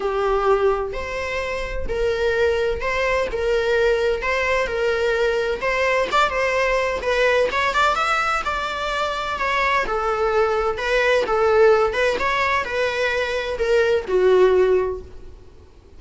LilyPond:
\new Staff \with { instrumentName = "viola" } { \time 4/4 \tempo 4 = 128 g'2 c''2 | ais'2 c''4 ais'4~ | ais'4 c''4 ais'2 | c''4 d''8 c''4. b'4 |
cis''8 d''8 e''4 d''2 | cis''4 a'2 b'4 | a'4. b'8 cis''4 b'4~ | b'4 ais'4 fis'2 | }